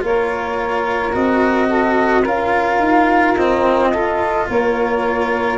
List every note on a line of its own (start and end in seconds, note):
0.00 1.14 A#3
0.00 1.11 F4
0.00 1.68 A#4
0.00 1.13 C#5
1.12 2.25 C4
1.12 2.23 F#4
1.12 2.24 D#5
1.68 2.21 A4
2.21 2.78 C#4
2.21 3.36 F4
2.21 3.88 A#4
2.21 3.37 F5
2.78 3.34 D#4
3.34 3.93 C4
3.34 4.46 F4
3.34 4.48 D#5
3.91 5.58 F4
3.91 4.47 A4
4.49 5.58 A#3
4.49 5.58 A#4
4.49 5.58 C#5